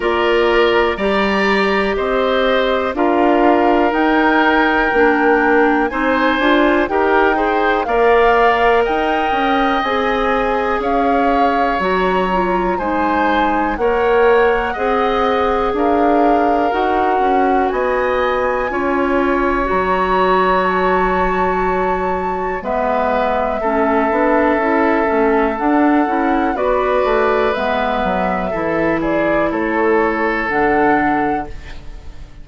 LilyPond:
<<
  \new Staff \with { instrumentName = "flute" } { \time 4/4 \tempo 4 = 61 d''4 ais''4 dis''4 f''4 | g''2 gis''4 g''4 | f''4 g''4 gis''4 f''4 | ais''4 gis''4 fis''2 |
f''4 fis''4 gis''2 | ais''4 a''2 e''4~ | e''2 fis''4 d''4 | e''4. d''8 cis''4 fis''4 | }
  \new Staff \with { instrumentName = "oboe" } { \time 4/4 ais'4 d''4 c''4 ais'4~ | ais'2 c''4 ais'8 c''8 | d''4 dis''2 cis''4~ | cis''4 c''4 cis''4 dis''4 |
ais'2 dis''4 cis''4~ | cis''2. b'4 | a'2. b'4~ | b'4 a'8 gis'8 a'2 | }
  \new Staff \with { instrumentName = "clarinet" } { \time 4/4 f'4 g'2 f'4 | dis'4 d'4 dis'8 f'8 g'8 gis'8 | ais'2 gis'2 | fis'8 f'8 dis'4 ais'4 gis'4~ |
gis'4 fis'2 f'4 | fis'2. b4 | cis'8 d'8 e'8 cis'8 d'8 e'8 fis'4 | b4 e'2 d'4 | }
  \new Staff \with { instrumentName = "bassoon" } { \time 4/4 ais4 g4 c'4 d'4 | dis'4 ais4 c'8 d'8 dis'4 | ais4 dis'8 cis'8 c'4 cis'4 | fis4 gis4 ais4 c'4 |
d'4 dis'8 cis'8 b4 cis'4 | fis2. gis4 | a8 b8 cis'8 a8 d'8 cis'8 b8 a8 | gis8 fis8 e4 a4 d4 | }
>>